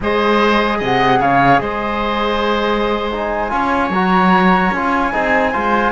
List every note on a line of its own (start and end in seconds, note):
0.00 0.80 G#3
0.00 3.12 G#4
0.00 0.78 C5
0.00 0.82 D#5
0.78 1.19 C3
0.78 1.18 D#5
0.78 1.21 F#5
1.19 1.59 C#3
1.19 1.61 C#5
1.19 1.59 F5
1.59 3.51 G#3
1.59 3.52 C5
1.59 3.10 D#5
3.12 3.49 D#4
3.12 3.92 G#5
3.49 3.89 C#4
3.49 3.89 F4
3.49 5.14 C#5
3.89 4.70 F#3
3.89 4.74 F#4
3.89 4.73 A#5
4.71 5.11 C#4
4.71 5.12 F4
4.71 5.91 G#5
5.12 5.55 C4
5.12 5.53 D#4
5.12 5.51 G#4
5.51 5.91 G#3
5.51 5.91 F4
5.51 5.91 C5